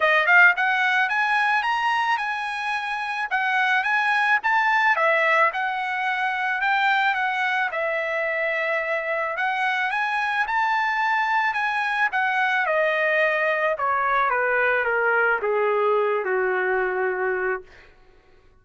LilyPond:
\new Staff \with { instrumentName = "trumpet" } { \time 4/4 \tempo 4 = 109 dis''8 f''8 fis''4 gis''4 ais''4 | gis''2 fis''4 gis''4 | a''4 e''4 fis''2 | g''4 fis''4 e''2~ |
e''4 fis''4 gis''4 a''4~ | a''4 gis''4 fis''4 dis''4~ | dis''4 cis''4 b'4 ais'4 | gis'4. fis'2~ fis'8 | }